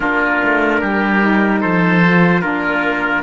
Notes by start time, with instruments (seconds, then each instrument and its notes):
0.00 cello A#3, saxophone D4, oboe F4, trumpet A#4
0.43 cello A3
0.80 cello G3, oboe G4
1.22 saxophone D#4
1.60 cello F3, oboe A4, trumpet C5
2.07 saxophone F4
2.41 cello A#3, saxophone D4, oboe F4, trumpet A#4